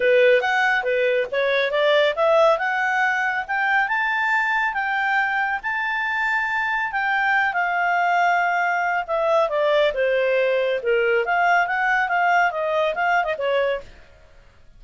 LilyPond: \new Staff \with { instrumentName = "clarinet" } { \time 4/4 \tempo 4 = 139 b'4 fis''4 b'4 cis''4 | d''4 e''4 fis''2 | g''4 a''2 g''4~ | g''4 a''2. |
g''4. f''2~ f''8~ | f''4 e''4 d''4 c''4~ | c''4 ais'4 f''4 fis''4 | f''4 dis''4 f''8. dis''16 cis''4 | }